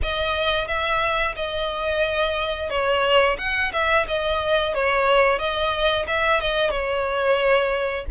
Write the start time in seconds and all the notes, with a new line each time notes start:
0.02 D#5
0.67 E5
1.35 D#5
2.70 C#5
3.38 F#5
3.72 E5
4.07 D#5
4.74 C#5
5.38 D#5
6.07 E5
6.40 D#5
6.70 C#5